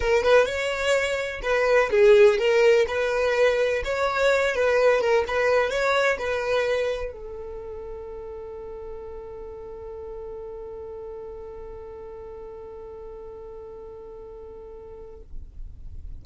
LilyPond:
\new Staff \with { instrumentName = "violin" } { \time 4/4 \tempo 4 = 126 ais'8 b'8 cis''2 b'4 | gis'4 ais'4 b'2 | cis''4. b'4 ais'8 b'4 | cis''4 b'2 a'4~ |
a'1~ | a'1~ | a'1~ | a'1 | }